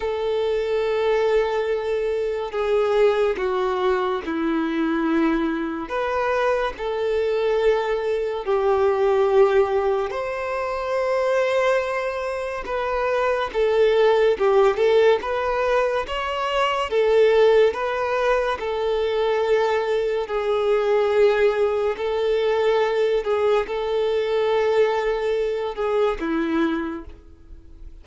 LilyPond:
\new Staff \with { instrumentName = "violin" } { \time 4/4 \tempo 4 = 71 a'2. gis'4 | fis'4 e'2 b'4 | a'2 g'2 | c''2. b'4 |
a'4 g'8 a'8 b'4 cis''4 | a'4 b'4 a'2 | gis'2 a'4. gis'8 | a'2~ a'8 gis'8 e'4 | }